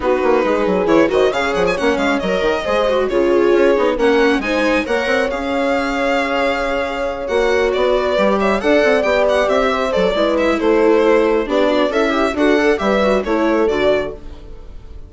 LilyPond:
<<
  \new Staff \with { instrumentName = "violin" } { \time 4/4 \tempo 4 = 136 b'2 cis''8 dis''8 f''8 fis''16 gis''16 | fis''8 f''8 dis''2 cis''4~ | cis''4 fis''4 gis''4 fis''4 | f''1~ |
f''8 fis''4 d''4. e''8 fis''8~ | fis''8 g''8 fis''8 e''4 d''4 e''8 | c''2 d''4 e''4 | fis''4 e''4 cis''4 d''4 | }
  \new Staff \with { instrumentName = "horn" } { \time 4/4 fis'4 gis'4. c''8 cis''4~ | cis''2 c''4 gis'4~ | gis'4 ais'4 c''4 cis''4~ | cis''1~ |
cis''2 b'4 cis''8 d''8~ | d''2 c''4 b'4 | a'2 g'8 fis'8 e'4 | a'4 b'4 a'2 | }
  \new Staff \with { instrumentName = "viola" } { \time 4/4 dis'2 e'8 fis'8 gis'4 | cis'4 ais'4 gis'8 fis'8 f'4~ | f'8 dis'8 cis'4 dis'4 ais'4 | gis'1~ |
gis'8 fis'2 g'4 a'8~ | a'8 g'2 a'8 e'4~ | e'2 d'4 a'8 g'8 | fis'8 a'8 g'8 fis'8 e'4 fis'4 | }
  \new Staff \with { instrumentName = "bassoon" } { \time 4/4 b8 ais8 gis8 fis8 e8 dis8 cis8 f8 | ais8 gis8 fis8 dis8 gis4 cis4 | cis'8 b8 ais4 gis4 ais8 c'8 | cis'1~ |
cis'8 ais4 b4 g4 d'8 | c'8 b4 c'4 fis8 gis4 | a2 b4 cis'4 | d'4 g4 a4 d4 | }
>>